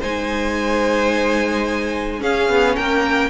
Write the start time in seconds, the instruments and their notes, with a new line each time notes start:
0.00 cello G#3, viola D#4, violin C5 G#5
2.19 viola C#4, cello C#4, violin G#4 F5
2.49 cello B3
2.76 cello A#3, violin A#4 G5